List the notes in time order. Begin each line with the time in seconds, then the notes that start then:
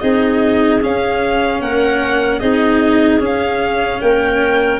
0.00 C4 D#4 G#4 D#5
0.82 C#4 F5
1.61 A#3 A#4 F#5
2.40 C4 D#4 G#4 D#5
3.20 C#4
3.26 F5
4.01 A#3 A#4 G5